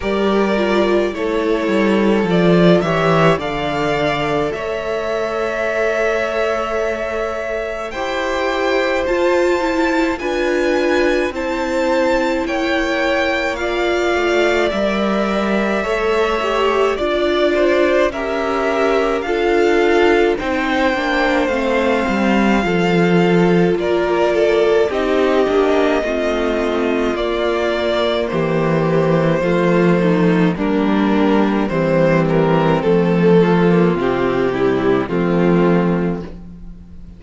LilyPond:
<<
  \new Staff \with { instrumentName = "violin" } { \time 4/4 \tempo 4 = 53 d''4 cis''4 d''8 e''8 f''4 | e''2. g''4 | a''4 gis''4 a''4 g''4 | f''4 e''2 d''4 |
e''4 f''4 g''4 f''4~ | f''4 d''4 dis''2 | d''4 c''2 ais'4 | c''8 ais'8 a'4 g'4 f'4 | }
  \new Staff \with { instrumentName = "violin" } { \time 4/4 ais'4 a'4. cis''8 d''4 | cis''2. c''4~ | c''4 b'4 c''4 cis''4 | d''2 cis''4 d''8 c''8 |
ais'4 a'4 c''2 | a'4 ais'8 a'8 g'4 f'4~ | f'4 g'4 f'8 dis'8 d'4 | c'4. f'4 e'8 c'4 | }
  \new Staff \with { instrumentName = "viola" } { \time 4/4 g'8 f'8 e'4 f'8 g'8 a'4~ | a'2. g'4 | f'8 e'8 f'4 e'2 | f'4 ais'4 a'8 g'8 f'4 |
g'4 f'4 dis'8 d'8 c'4 | f'2 dis'8 d'8 c'4 | ais2 a4 ais4 | g4 a8. ais16 c'8 g8 a4 | }
  \new Staff \with { instrumentName = "cello" } { \time 4/4 g4 a8 g8 f8 e8 d4 | a2. e'4 | f'4 d'4 c'4 ais4~ | ais8 a8 g4 a4 d'4 |
cis'4 d'4 c'8 ais8 a8 g8 | f4 ais4 c'8 ais8 a4 | ais4 e4 f4 g4 | e4 f4 c4 f4 | }
>>